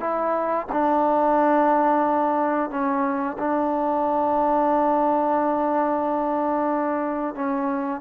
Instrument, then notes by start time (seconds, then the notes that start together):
trombone
0.00 E4
0.72 D4
2.70 C#4
3.39 D4
7.35 C#4